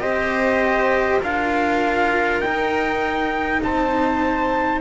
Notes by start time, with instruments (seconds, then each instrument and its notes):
0.00 double bass C4, cello G4, viola C5, trumpet D#5
1.21 double bass D4, cello F4, viola A#4, trumpet F5
2.41 double bass D#4, cello D#4, trumpet G5
3.63 double bass C4, viola C5, trumpet A5